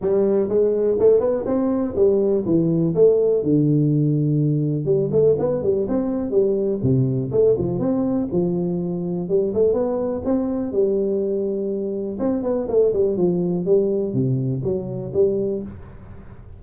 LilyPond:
\new Staff \with { instrumentName = "tuba" } { \time 4/4 \tempo 4 = 123 g4 gis4 a8 b8 c'4 | g4 e4 a4 d4~ | d2 g8 a8 b8 g8 | c'4 g4 c4 a8 f8 |
c'4 f2 g8 a8 | b4 c'4 g2~ | g4 c'8 b8 a8 g8 f4 | g4 c4 fis4 g4 | }